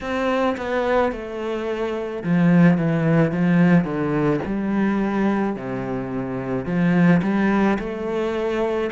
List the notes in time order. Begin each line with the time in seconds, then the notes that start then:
0.01 C4
0.57 B3
1.12 A3
2.23 F3
2.77 E3
3.31 F3
3.84 D3
4.45 G3
5.56 C3
6.65 F3
7.22 G3
7.79 A3